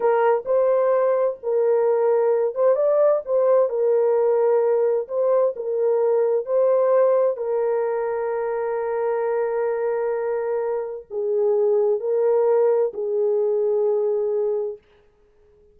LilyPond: \new Staff \with { instrumentName = "horn" } { \time 4/4 \tempo 4 = 130 ais'4 c''2 ais'4~ | ais'4. c''8 d''4 c''4 | ais'2. c''4 | ais'2 c''2 |
ais'1~ | ais'1 | gis'2 ais'2 | gis'1 | }